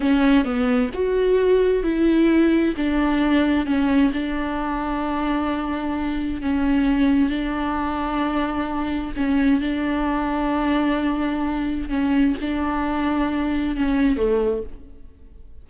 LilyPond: \new Staff \with { instrumentName = "viola" } { \time 4/4 \tempo 4 = 131 cis'4 b4 fis'2 | e'2 d'2 | cis'4 d'2.~ | d'2 cis'2 |
d'1 | cis'4 d'2.~ | d'2 cis'4 d'4~ | d'2 cis'4 a4 | }